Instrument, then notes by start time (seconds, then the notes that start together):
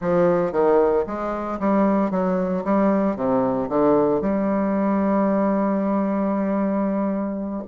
bassoon
0.01 F3
0.52 D#3
1.06 G#3
1.59 G3
2.11 F#3
2.64 G3
3.16 C3
3.69 D3
4.21 G3